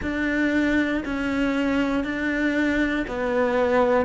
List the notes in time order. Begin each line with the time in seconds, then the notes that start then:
0.02 D4
1.04 C#4
2.03 D4
3.07 B3